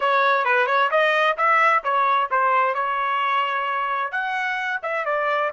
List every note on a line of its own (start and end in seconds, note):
0.00 0.44 C#5
0.44 0.66 B4
0.66 0.89 C#5
0.91 1.36 D#5
1.37 1.83 E5
1.83 2.29 C#5
2.30 2.74 C5
2.74 4.11 C#5
4.11 4.80 F#5
4.82 5.05 E5
5.05 5.51 D5